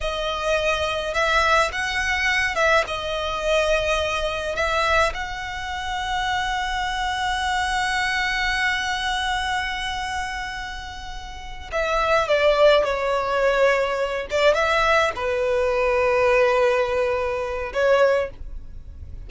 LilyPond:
\new Staff \with { instrumentName = "violin" } { \time 4/4 \tempo 4 = 105 dis''2 e''4 fis''4~ | fis''8 e''8 dis''2. | e''4 fis''2.~ | fis''1~ |
fis''1~ | fis''8 e''4 d''4 cis''4.~ | cis''4 d''8 e''4 b'4.~ | b'2. cis''4 | }